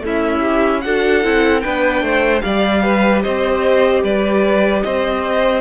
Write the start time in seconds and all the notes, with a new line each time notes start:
0.00 A3 C#4 E4
0.06 E5
0.41 G4
0.81 D4 F#4 A4 F#5
1.23 C4 E4
1.60 B3 D4 B4 G5
2.02 A3 C5
2.41 G3 G4 D5 F5
2.82 B4
3.23 C4 C5 D#5
4.03 G3 B4 D5
4.82 C4 C5 D#5